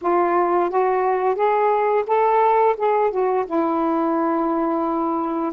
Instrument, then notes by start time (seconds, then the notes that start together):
saxophone
0.01 F4
0.70 F#4
1.35 G#4
2.06 A4
2.77 G#4
3.10 F#4
3.45 E4